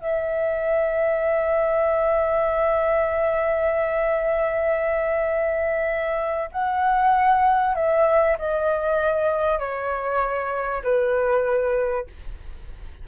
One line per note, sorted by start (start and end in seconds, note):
0.00 6.49 E5
6.51 7.75 F#5
7.75 8.37 E5
8.38 9.58 D#5
9.58 10.82 C#5
10.83 12.07 B4